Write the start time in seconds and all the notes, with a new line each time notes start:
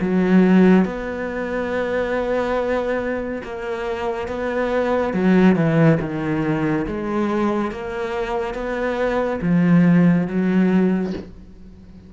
0.00 F#3
0.85 B3
3.43 A#3
4.27 B3
5.13 F#3
5.56 E3
6.00 D#3
6.86 G#3
7.71 A#3
8.54 B3
9.41 F3
10.27 F#3